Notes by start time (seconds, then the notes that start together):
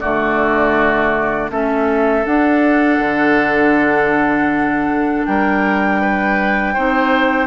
0.00 D3 A3 F#4 D5
1.50 A3 C#4 A4 E5
2.24 D4 F#5
2.99 D3
5.26 G3 A#4 G5
6.01 B4
6.73 C4 D#4 C5